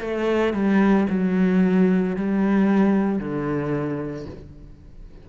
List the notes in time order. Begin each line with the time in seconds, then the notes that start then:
0.00 A3
0.53 G3
1.10 F#3
2.16 G3
3.19 D3